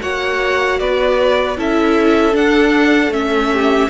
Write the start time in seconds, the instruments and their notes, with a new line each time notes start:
0.00 cello A#3, viola F#4, violin C#5 F#5
0.80 cello B3, violin B4 D5
1.57 cello C#4, viola E4, violin A4 E5
2.33 viola D4, cello D4, violin F#5
3.10 cello A3, viola C#4, violin E5
3.53 violin G4